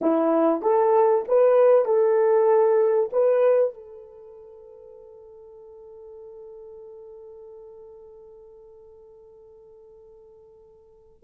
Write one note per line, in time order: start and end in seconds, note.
0.01 0.62 E4
0.62 1.24 A4
1.28 1.85 B4
1.85 3.10 A4
3.12 3.74 B4
3.74 11.23 A4